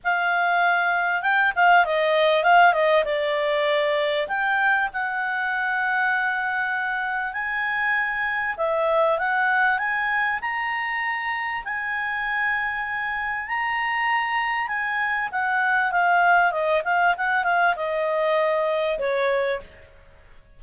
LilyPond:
\new Staff \with { instrumentName = "clarinet" } { \time 4/4 \tempo 4 = 98 f''2 g''8 f''8 dis''4 | f''8 dis''8 d''2 g''4 | fis''1 | gis''2 e''4 fis''4 |
gis''4 ais''2 gis''4~ | gis''2 ais''2 | gis''4 fis''4 f''4 dis''8 f''8 | fis''8 f''8 dis''2 cis''4 | }